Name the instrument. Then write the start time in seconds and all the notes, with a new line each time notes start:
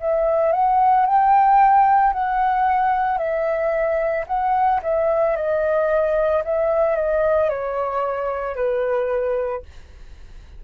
flute
0.00 E5
0.52 F#5
1.06 G5
2.13 F#5
3.18 E5
4.27 F#5
4.82 E5
5.36 D#5
6.44 E5
6.95 D#5
7.49 C#5
8.55 B4